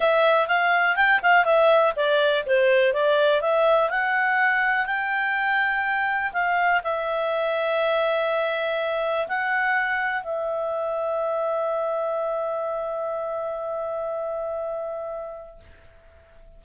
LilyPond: \new Staff \with { instrumentName = "clarinet" } { \time 4/4 \tempo 4 = 123 e''4 f''4 g''8 f''8 e''4 | d''4 c''4 d''4 e''4 | fis''2 g''2~ | g''4 f''4 e''2~ |
e''2. fis''4~ | fis''4 e''2.~ | e''1~ | e''1 | }